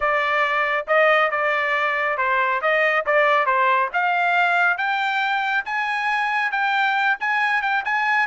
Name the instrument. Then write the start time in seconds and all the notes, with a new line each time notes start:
trumpet
0.00 D5
0.87 D#5
1.30 D5
2.17 C5
2.61 D#5
3.06 D5
3.46 C5
3.93 F5
4.77 G5
5.65 G#5
6.51 G5
7.20 G#5
7.61 G5
7.85 G#5